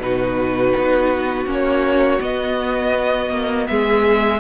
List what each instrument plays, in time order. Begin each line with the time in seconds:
0.00 cello B2, viola D#4, violin F#4 B4
0.77 cello B3
1.46 cello A#3, viola C#4
1.52 violin C#5
2.20 viola B3, cello B3, violin D#5
3.30 cello A#3
3.67 cello G#3, violin G#4 E5